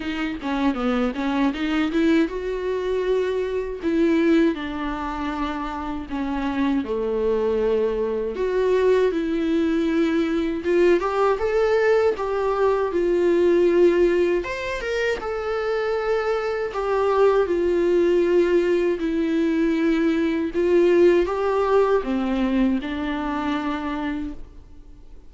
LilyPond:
\new Staff \with { instrumentName = "viola" } { \time 4/4 \tempo 4 = 79 dis'8 cis'8 b8 cis'8 dis'8 e'8 fis'4~ | fis'4 e'4 d'2 | cis'4 a2 fis'4 | e'2 f'8 g'8 a'4 |
g'4 f'2 c''8 ais'8 | a'2 g'4 f'4~ | f'4 e'2 f'4 | g'4 c'4 d'2 | }